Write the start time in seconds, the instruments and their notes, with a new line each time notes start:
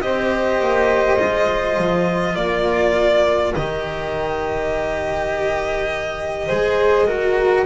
0.00 double bass C4, cello G4, flute C5, violin D#5
0.60 double bass A#3
1.19 double bass G#3, cello F4
1.77 double bass F3
2.35 double bass A#3, flute A#4, violin D5
3.55 double bass D#3, cello G4, violin D#5
6.47 double bass G#3, cello G#4, flute C5
7.06 cello F#4, flute A#4